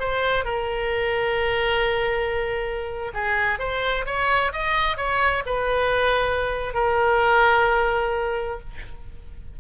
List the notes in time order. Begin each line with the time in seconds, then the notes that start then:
0.00 C5
0.45 A#4
3.14 G#4
3.59 C5
4.06 C#5
4.53 D#5
4.97 C#5
5.46 B4
6.74 A#4